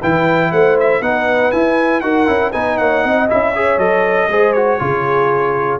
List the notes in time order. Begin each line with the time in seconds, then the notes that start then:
0.00 E3 E4 B4 G5
0.51 A3 C5 F#5
0.80 E5
1.01 B3 D#4 B4 F#5
1.51 E4 G#5
2.00 D#4 F#4 A#4 F#5
2.26 C#4 E4
2.51 B3 D#4 B4 G#5
2.77 A#3 C#5 F#5
3.03 C4 D#5
3.28 C#4 E4 E5
3.51 G#4 C#5
3.77 F#3 A4 D#5
4.28 G#3 G#4 C5
4.52 F#4 C#5
4.79 C#3 F4 G#4